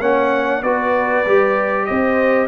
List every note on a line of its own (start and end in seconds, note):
0.00 0.62 A#3
0.00 0.64 C#4
0.00 0.62 C#5
0.00 0.63 F#5
0.63 1.25 B3
0.63 1.26 F#4
0.63 1.88 B4
0.63 1.86 D5
1.26 1.88 G3
1.26 2.48 G4
1.86 2.48 C4
1.86 2.48 C5
1.86 2.48 D#5